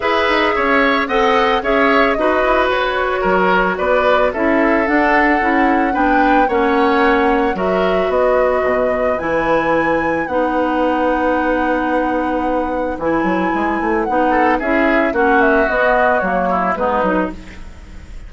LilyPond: <<
  \new Staff \with { instrumentName = "flute" } { \time 4/4 \tempo 4 = 111 e''2 fis''4 e''4 | dis''4 cis''2 d''4 | e''4 fis''2 g''4 | fis''2 e''4 dis''4~ |
dis''4 gis''2 fis''4~ | fis''1 | gis''2 fis''4 e''4 | fis''8 e''8 dis''4 cis''4 b'4 | }
  \new Staff \with { instrumentName = "oboe" } { \time 4/4 b'4 cis''4 dis''4 cis''4 | b'2 ais'4 b'4 | a'2. b'4 | cis''2 ais'4 b'4~ |
b'1~ | b'1~ | b'2~ b'8 a'8 gis'4 | fis'2~ fis'8 e'8 dis'4 | }
  \new Staff \with { instrumentName = "clarinet" } { \time 4/4 gis'2 a'4 gis'4 | fis'1 | e'4 d'4 e'4 d'4 | cis'2 fis'2~ |
fis'4 e'2 dis'4~ | dis'1 | e'2 dis'4 e'4 | cis'4 b4 ais4 b8 dis'8 | }
  \new Staff \with { instrumentName = "bassoon" } { \time 4/4 e'8 dis'8 cis'4 c'4 cis'4 | dis'8 e'8 fis'4 fis4 b4 | cis'4 d'4 cis'4 b4 | ais2 fis4 b4 |
b,4 e2 b4~ | b1 | e8 fis8 gis8 a8 b4 cis'4 | ais4 b4 fis4 gis8 fis8 | }
>>